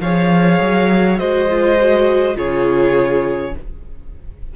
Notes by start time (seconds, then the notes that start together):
0.00 F3 G#4 C#5 F5
0.61 F#3
1.18 G#3 F#4 C5 D#5
1.50 F4
1.80 F#4
2.35 C#3 F4 G#4 C#5